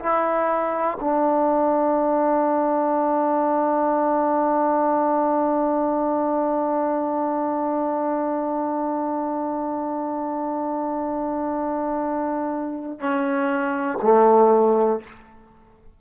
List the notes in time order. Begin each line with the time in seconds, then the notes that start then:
0.00 E4
1.01 D4
13.00 C#4
14.03 A3